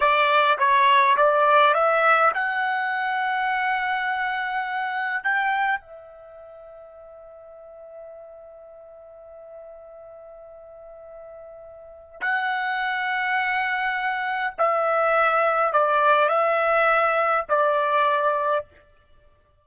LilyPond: \new Staff \with { instrumentName = "trumpet" } { \time 4/4 \tempo 4 = 103 d''4 cis''4 d''4 e''4 | fis''1~ | fis''4 g''4 e''2~ | e''1~ |
e''1~ | e''4 fis''2.~ | fis''4 e''2 d''4 | e''2 d''2 | }